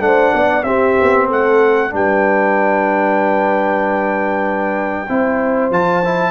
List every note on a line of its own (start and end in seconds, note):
0.00 0.32 A3
0.00 0.63 D4
0.00 0.35 C5
0.00 0.64 F#5
0.34 0.64 B3
0.34 0.66 D5
0.64 0.95 C4
0.64 1.90 C4
0.64 1.27 G4
0.64 1.27 E5
1.01 1.32 B3
1.27 1.93 A3
1.27 1.91 A4
1.27 1.94 F#5
1.90 5.09 G3
1.90 5.06 D4
1.90 5.10 B4
1.90 5.73 G5
5.09 5.70 C4
5.09 5.72 E4
5.09 6.31 C5
5.70 6.31 F3
5.70 6.03 F4
5.70 6.31 A5
6.05 6.31 E4